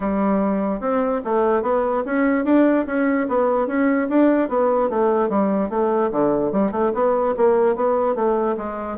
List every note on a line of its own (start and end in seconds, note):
0.00 0.80 G3
0.80 1.21 C4
1.24 1.62 A3
1.62 2.03 B3
2.05 2.44 C#4
2.44 2.85 D4
2.86 3.27 C#4
3.28 3.67 B3
3.67 4.08 C#4
4.09 4.48 D4
4.48 4.89 B3
4.89 5.29 A3
5.29 5.69 G3
5.69 6.10 A3
6.11 6.52 D3
6.52 6.71 G3
6.71 6.92 A3
6.94 7.34 B3
7.36 7.75 A#3
7.75 8.15 B3
8.15 8.56 A3
8.57 8.97 G#3